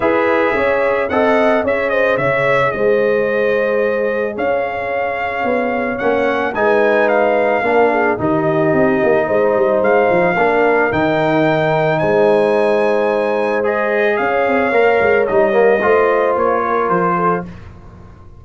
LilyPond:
<<
  \new Staff \with { instrumentName = "trumpet" } { \time 4/4 \tempo 4 = 110 e''2 fis''4 e''8 dis''8 | e''4 dis''2. | f''2. fis''4 | gis''4 f''2 dis''4~ |
dis''2 f''2 | g''2 gis''2~ | gis''4 dis''4 f''2 | dis''2 cis''4 c''4 | }
  \new Staff \with { instrumentName = "horn" } { \time 4/4 b'4 cis''4 dis''4 cis''8 c''8 | cis''4 c''2. | cis''1 | b'2 ais'8 gis'8 g'4~ |
g'4 c''2 ais'4~ | ais'2 c''2~ | c''2 cis''2~ | cis''4 c''4. ais'4 a'8 | }
  \new Staff \with { instrumentName = "trombone" } { \time 4/4 gis'2 a'4 gis'4~ | gis'1~ | gis'2. cis'4 | dis'2 d'4 dis'4~ |
dis'2. d'4 | dis'1~ | dis'4 gis'2 ais'4 | dis'8 ais8 f'2. | }
  \new Staff \with { instrumentName = "tuba" } { \time 4/4 e'4 cis'4 c'4 cis'4 | cis4 gis2. | cis'2 b4 ais4 | gis2 ais4 dis4 |
c'8 ais8 gis8 g8 gis8 f8 ais4 | dis2 gis2~ | gis2 cis'8 c'8 ais8 gis8 | g4 a4 ais4 f4 | }
>>